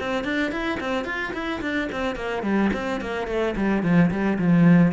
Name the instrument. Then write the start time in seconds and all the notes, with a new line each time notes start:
cello
0.00 C4
0.24 D4
0.52 E4
0.80 C4
1.05 F4
1.33 E4
1.61 D4
1.92 C4
2.16 A#3
2.43 G3
2.73 C4
3.01 A#3
3.27 A3
3.57 G3
3.83 F3
4.11 G3
4.39 F3